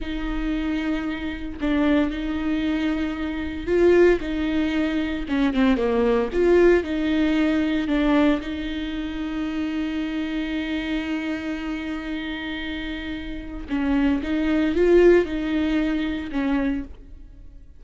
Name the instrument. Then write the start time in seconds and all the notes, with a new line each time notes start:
viola
0.00 D#4
1.61 D4
2.10 D#4
3.67 F4
4.20 D#4
5.28 C#4
5.53 C4
5.76 A#3
6.33 F4
6.83 D#4
7.87 D4
8.40 D#4
13.69 C#4
14.22 D#4
14.75 F4
15.25 D#4
16.31 C#4